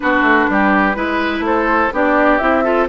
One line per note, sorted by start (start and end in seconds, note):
0.00 0.21 B3
0.00 0.95 D4
0.00 0.50 F#4
0.00 1.44 B4
0.21 0.46 A3
0.49 0.96 G3
0.49 0.96 G4
0.95 1.39 G#3
0.95 1.91 E4
0.95 1.44 B4
1.39 1.87 A3
1.39 1.93 C5
1.46 1.93 A4
1.92 2.40 B3
1.92 2.40 D4
1.92 2.64 G4
1.92 2.38 D5
2.38 2.88 C4
2.38 2.63 E4
2.38 2.86 E5
2.63 2.87 F4
2.63 2.88 A4